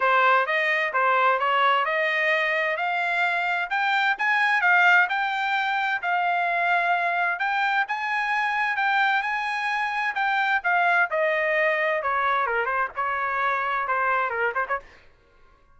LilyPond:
\new Staff \with { instrumentName = "trumpet" } { \time 4/4 \tempo 4 = 130 c''4 dis''4 c''4 cis''4 | dis''2 f''2 | g''4 gis''4 f''4 g''4~ | g''4 f''2. |
g''4 gis''2 g''4 | gis''2 g''4 f''4 | dis''2 cis''4 ais'8 c''8 | cis''2 c''4 ais'8 c''16 cis''16 | }